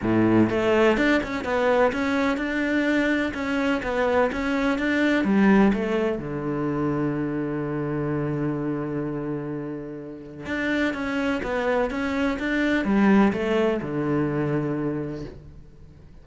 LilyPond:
\new Staff \with { instrumentName = "cello" } { \time 4/4 \tempo 4 = 126 a,4 a4 d'8 cis'8 b4 | cis'4 d'2 cis'4 | b4 cis'4 d'4 g4 | a4 d2.~ |
d1~ | d2 d'4 cis'4 | b4 cis'4 d'4 g4 | a4 d2. | }